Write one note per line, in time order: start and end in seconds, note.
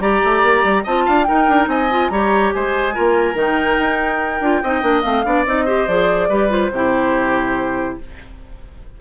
0.00 0.21 G3
0.00 0.84 G4
0.00 0.83 D5
0.00 0.84 A#5
0.24 0.43 A3
0.43 0.64 A#3
0.64 0.85 G3
0.83 1.07 C4
0.83 1.27 F4
0.83 1.04 D#5
0.83 1.23 A5
1.05 1.29 D4
1.05 1.26 F5
1.23 1.90 D#4
1.23 1.69 A#4
1.23 1.65 G5
1.30 1.48 D#4
1.48 1.67 D4
1.67 2.09 C4
1.67 2.11 D#5
1.67 2.09 G#5
1.90 2.11 F4
2.09 2.52 G3
2.09 2.94 G4
2.09 2.54 C#5
2.09 2.51 A#5
2.53 2.97 G#3
2.53 2.94 C5
2.53 3.37 G#5
2.94 3.35 A#3
2.94 3.34 F4
2.94 4.62 A#4
3.34 3.77 D#3
3.34 4.39 D#4
3.34 5.02 G5
3.79 4.41 D#4
4.41 4.62 D4
4.41 4.63 F4
4.63 4.82 C4
4.63 4.82 D#4
4.63 5.26 D#5
4.82 5.03 A#3
4.82 5.03 D4
5.02 5.25 A3
5.02 5.24 C4
5.02 5.44 F5
5.24 5.46 B3
5.24 5.45 D4
5.24 5.65 D5
5.46 5.87 C4
5.46 5.67 D#4
5.46 5.88 D#5
5.65 5.88 G4
5.65 6.28 C5
5.87 6.29 F3
5.87 6.30 G#4
5.87 6.51 D5
6.29 6.71 G3
6.29 6.49 G4
6.29 6.71 B4
6.49 6.70 F4
6.49 7.98 C5
6.71 7.97 C3
6.71 8.01 E4
6.71 8.00 G4